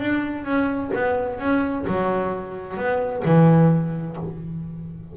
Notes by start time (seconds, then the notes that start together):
0.00 D4
0.45 C#4
0.95 B3
1.39 C#4
1.87 F#3
2.78 B3
3.25 E3